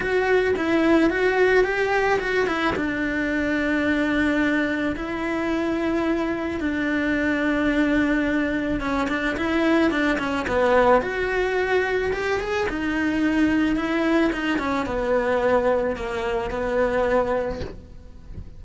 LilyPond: \new Staff \with { instrumentName = "cello" } { \time 4/4 \tempo 4 = 109 fis'4 e'4 fis'4 g'4 | fis'8 e'8 d'2.~ | d'4 e'2. | d'1 |
cis'8 d'8 e'4 d'8 cis'8 b4 | fis'2 g'8 gis'8 dis'4~ | dis'4 e'4 dis'8 cis'8 b4~ | b4 ais4 b2 | }